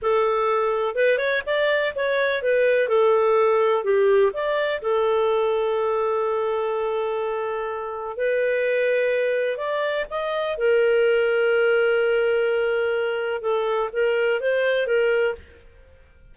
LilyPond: \new Staff \with { instrumentName = "clarinet" } { \time 4/4 \tempo 4 = 125 a'2 b'8 cis''8 d''4 | cis''4 b'4 a'2 | g'4 d''4 a'2~ | a'1~ |
a'4 b'2. | d''4 dis''4 ais'2~ | ais'1 | a'4 ais'4 c''4 ais'4 | }